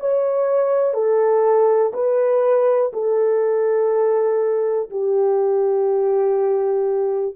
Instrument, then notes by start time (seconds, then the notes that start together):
horn
0.00 C#5
0.94 A4
1.94 B4
2.94 A4
4.90 G4